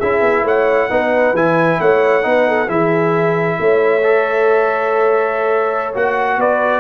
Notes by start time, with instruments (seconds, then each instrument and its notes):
0.00 tuba C#4, trombone E4, horn G#4, trumpet E5
0.21 tuba B3
0.43 tuba A3, horn C#5, trumpet F#5
0.90 tuba B3, trombone D#4, horn B4
1.33 tuba E3, trombone E4, trumpet G#5
1.80 tuba A3, horn C#5, trumpet F#5
2.22 tuba B3, trombone D#4, horn B4
2.48 horn A4
2.67 tuba E3, trombone E4, horn G#4, trumpet E5
3.60 tuba A3, horn C#5
4.04 trombone A4
5.94 tuba A#3, trombone F#4, trumpet F#5
6.37 tuba B3, horn B4, trumpet D5